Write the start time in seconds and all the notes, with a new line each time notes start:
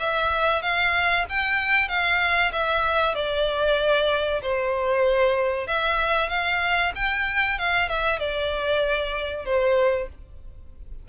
0.00 E5
0.63 F5
1.30 G5
1.89 F5
2.53 E5
3.15 D5
4.42 C5
5.68 E5
6.30 F5
6.96 G5
7.59 F5
7.89 E5
8.20 D5
9.46 C5